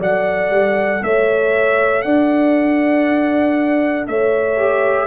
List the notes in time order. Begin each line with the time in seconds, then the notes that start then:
0.00 F#3 A4 D5 F#5
0.50 G3
1.03 A3 C#5 E5
2.02 D4 D5 F#5
4.07 A3 C#5 E5
4.56 G4